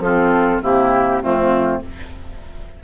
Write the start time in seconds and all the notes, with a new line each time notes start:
0.00 F3 C4 F4 A4
0.62 C3 A#3 E4 G4
1.22 F2 A3 C4 F4